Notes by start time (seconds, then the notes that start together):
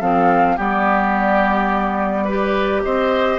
0.00 F3 C4 A4 F5
0.57 G3 B3 G4 D5
2.25 G4 B4
2.83 C4 C5 D#5